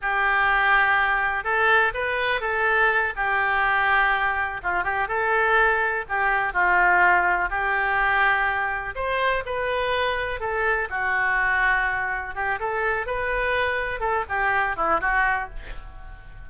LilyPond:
\new Staff \with { instrumentName = "oboe" } { \time 4/4 \tempo 4 = 124 g'2. a'4 | b'4 a'4. g'4.~ | g'4. f'8 g'8 a'4.~ | a'8 g'4 f'2 g'8~ |
g'2~ g'8 c''4 b'8~ | b'4. a'4 fis'4.~ | fis'4. g'8 a'4 b'4~ | b'4 a'8 g'4 e'8 fis'4 | }